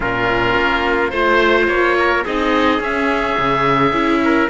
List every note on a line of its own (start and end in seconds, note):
0.00 0.55 A#2
0.00 1.11 C#4
0.00 1.12 F4
0.00 1.10 A#4
0.56 1.12 A#3
1.10 1.67 A3
1.10 2.25 F4
1.10 1.66 C5
1.10 1.96 C5
1.67 2.23 A#3
1.67 2.23 C#5
1.98 2.24 A#4
2.24 2.79 C4
2.24 2.80 D#4
2.24 4.20 G#4
2.24 2.82 D#5
2.79 3.35 C#4
2.79 3.92 C#4
2.79 4.49 E5
3.38 3.92 C#3
3.92 4.48 C#4
3.92 4.48 E4
4.24 4.49 A#4